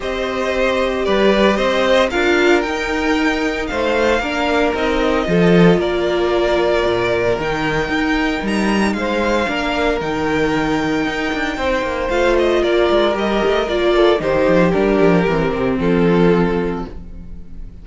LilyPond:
<<
  \new Staff \with { instrumentName = "violin" } { \time 4/4 \tempo 4 = 114 dis''2 d''4 dis''4 | f''4 g''2 f''4~ | f''4 dis''2 d''4~ | d''2 g''2 |
ais''4 f''2 g''4~ | g''2. f''8 dis''8 | d''4 dis''4 d''4 c''4 | ais'2 a'2 | }
  \new Staff \with { instrumentName = "violin" } { \time 4/4 c''2 b'4 c''4 | ais'2. c''4 | ais'2 a'4 ais'4~ | ais'1~ |
ais'4 c''4 ais'2~ | ais'2 c''2 | ais'2~ ais'8 a'8 g'4~ | g'2 f'2 | }
  \new Staff \with { instrumentName = "viola" } { \time 4/4 g'1 | f'4 dis'2. | d'4 dis'4 f'2~ | f'2 dis'2~ |
dis'2 d'4 dis'4~ | dis'2. f'4~ | f'4 g'4 f'4 dis'4 | d'4 c'2. | }
  \new Staff \with { instrumentName = "cello" } { \time 4/4 c'2 g4 c'4 | d'4 dis'2 a4 | ais4 c'4 f4 ais4~ | ais4 ais,4 dis4 dis'4 |
g4 gis4 ais4 dis4~ | dis4 dis'8 d'8 c'8 ais8 a4 | ais8 gis8 g8 a8 ais4 dis8 f8 | g8 f8 e8 c8 f2 | }
>>